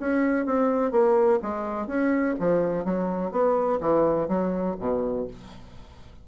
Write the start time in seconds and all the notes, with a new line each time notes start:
0.00 C#4
0.46 C4
0.92 A#3
1.43 G#3
1.87 C#4
2.40 F3
2.85 F#3
3.32 B3
3.81 E3
4.29 F#3
4.80 B2